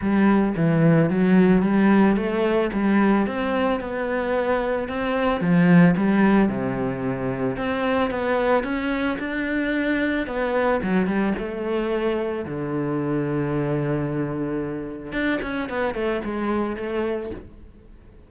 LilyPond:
\new Staff \with { instrumentName = "cello" } { \time 4/4 \tempo 4 = 111 g4 e4 fis4 g4 | a4 g4 c'4 b4~ | b4 c'4 f4 g4 | c2 c'4 b4 |
cis'4 d'2 b4 | fis8 g8 a2 d4~ | d1 | d'8 cis'8 b8 a8 gis4 a4 | }